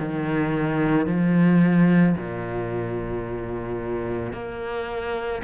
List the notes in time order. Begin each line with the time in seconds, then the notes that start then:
0.00 D#3
1.07 F3
2.17 A#2
4.33 A#3